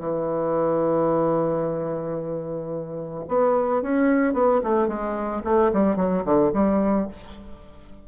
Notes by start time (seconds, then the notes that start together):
0.00 E3
3.29 B3
3.83 C#4
4.34 B3
4.64 A3
4.88 G#3
5.45 A3
5.73 G3
5.97 F#3
6.25 D3
6.54 G3